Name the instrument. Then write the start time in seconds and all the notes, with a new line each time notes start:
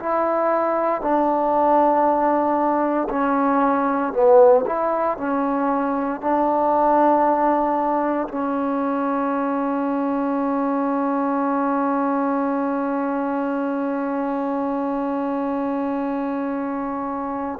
trombone
0.00 E4
1.02 D4
3.10 C#4
4.13 B3
4.66 E4
5.18 C#4
6.21 D4
8.29 C#4